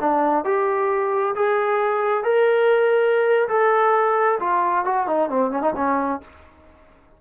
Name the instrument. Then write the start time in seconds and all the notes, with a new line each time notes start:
trombone
0.00 D4
0.44 G4
1.35 G#4
2.24 A#4
3.49 A4
4.40 F4
4.85 F#4
5.07 D#4
5.29 C4
5.51 C#4
5.62 D#4
5.76 C#4